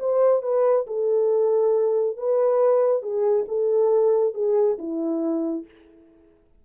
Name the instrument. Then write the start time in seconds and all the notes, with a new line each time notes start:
horn
0.00 C5
0.43 B4
0.87 A4
2.18 B4
3.03 G#4
3.48 A4
4.35 G#4
4.79 E4